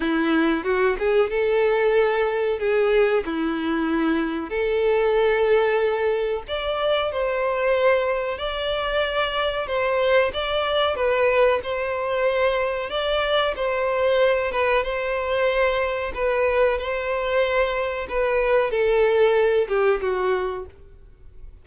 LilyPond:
\new Staff \with { instrumentName = "violin" } { \time 4/4 \tempo 4 = 93 e'4 fis'8 gis'8 a'2 | gis'4 e'2 a'4~ | a'2 d''4 c''4~ | c''4 d''2 c''4 |
d''4 b'4 c''2 | d''4 c''4. b'8 c''4~ | c''4 b'4 c''2 | b'4 a'4. g'8 fis'4 | }